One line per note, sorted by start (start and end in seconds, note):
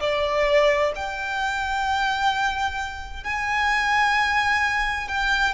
0.00 0.92 D5
0.95 3.23 G5
3.23 5.08 G#5
5.08 5.53 G5